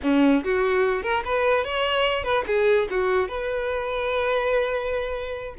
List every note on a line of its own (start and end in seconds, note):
0.02 0.43 C#4
0.44 1.02 F#4
1.02 1.23 A#4
1.24 1.64 B4
1.64 2.23 C#5
2.23 2.44 B4
2.47 2.88 G#4
2.90 3.28 F#4
3.28 5.54 B4